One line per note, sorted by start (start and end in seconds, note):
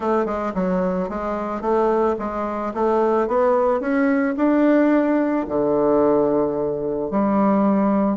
0.00 0.25 A3
0.25 0.52 G#3
0.54 1.09 F#3
1.09 1.61 G#3
1.61 2.15 A3
2.18 2.73 G#3
2.74 3.27 A3
3.27 3.80 B3
3.80 4.34 C#4
4.36 5.45 D4
5.48 7.10 D3
7.10 8.17 G3